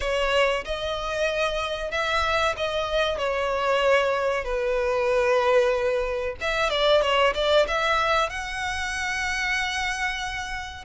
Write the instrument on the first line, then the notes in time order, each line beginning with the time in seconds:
violin
0.00 C#5
0.64 D#5
1.91 E5
2.56 D#5
3.18 C#5
4.44 B4
6.40 E5
6.70 D5
7.01 C#5
7.34 D5
7.67 E5
8.29 F#5